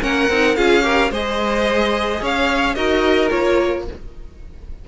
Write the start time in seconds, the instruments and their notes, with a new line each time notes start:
0.00 cello A#3, viola C#4, violin A#4 F#5
0.29 cello C4, viola D#4
0.56 cello C#4, viola F4, violin G#4 F5
0.82 viola G4, violin A#4
1.10 cello G#3, viola G#4, violin C5 D#5
2.21 cello C#4, violin C#5 F5
2.74 cello D#4, viola F#4, violin A#4 D#5
3.30 cello A#3, viola F4, violin C#5